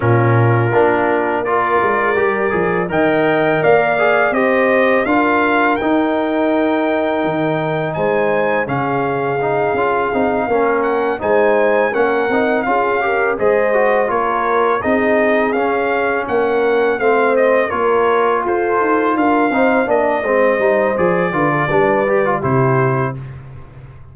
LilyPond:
<<
  \new Staff \with { instrumentName = "trumpet" } { \time 4/4 \tempo 4 = 83 ais'2 d''2 | g''4 f''4 dis''4 f''4 | g''2. gis''4 | f''2. fis''8 gis''8~ |
gis''8 fis''4 f''4 dis''4 cis''8~ | cis''8 dis''4 f''4 fis''4 f''8 | dis''8 cis''4 c''4 f''4 dis''8~ | dis''4 d''2 c''4 | }
  \new Staff \with { instrumentName = "horn" } { \time 4/4 f'2 ais'2 | dis''4 d''4 c''4 ais'4~ | ais'2. c''4 | gis'2~ gis'8 ais'4 c''8~ |
c''8 ais'4 gis'8 ais'8 c''4 ais'8~ | ais'8 gis'2 ais'4 c''8~ | c''8 ais'4 a'4 ais'8 c''8 d''8 | c''4. b'16 a'16 b'4 g'4 | }
  \new Staff \with { instrumentName = "trombone" } { \time 4/4 cis'4 d'4 f'4 g'8 gis'8 | ais'4. gis'8 g'4 f'4 | dis'1 | cis'4 dis'8 f'8 dis'8 cis'4 dis'8~ |
dis'8 cis'8 dis'8 f'8 g'8 gis'8 fis'8 f'8~ | f'8 dis'4 cis'2 c'8~ | c'8 f'2~ f'8 dis'8 d'8 | c'8 dis'8 gis'8 f'8 d'8 g'16 f'16 e'4 | }
  \new Staff \with { instrumentName = "tuba" } { \time 4/4 ais,4 ais4. gis8 g8 f8 | dis4 ais4 c'4 d'4 | dis'2 dis4 gis4 | cis4. cis'8 c'8 ais4 gis8~ |
gis8 ais8 c'8 cis'4 gis4 ais8~ | ais8 c'4 cis'4 ais4 a8~ | a8 ais4 f'8 dis'8 d'8 c'8 ais8 | gis8 g8 f8 d8 g4 c4 | }
>>